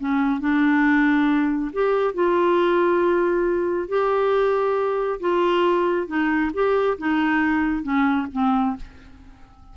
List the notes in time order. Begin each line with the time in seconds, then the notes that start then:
0.00 C#4
0.41 D4
1.73 G4
2.15 F4
3.89 G4
5.20 F4
6.08 D#4
6.54 G4
6.98 D#4
7.84 C#4
8.33 C4